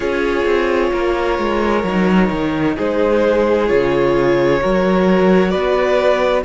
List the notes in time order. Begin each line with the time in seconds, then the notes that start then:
0.00 C#4 F4 G#4 C#5
0.44 C4
0.92 A#3 A#4
1.38 G#3
1.83 F#3 D#4
2.30 D#3
2.75 G#3 G#4 C5
3.67 C#3 F4 C#5
4.61 F#3 F#4 A#4
5.49 B3 B4 D5